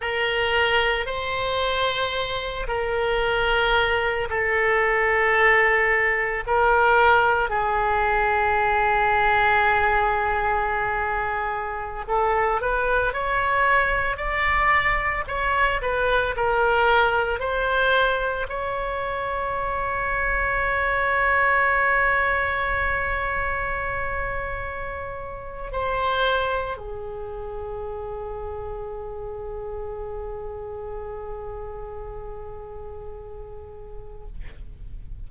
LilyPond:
\new Staff \with { instrumentName = "oboe" } { \time 4/4 \tempo 4 = 56 ais'4 c''4. ais'4. | a'2 ais'4 gis'4~ | gis'2.~ gis'16 a'8 b'16~ | b'16 cis''4 d''4 cis''8 b'8 ais'8.~ |
ais'16 c''4 cis''2~ cis''8.~ | cis''1 | c''4 gis'2.~ | gis'1 | }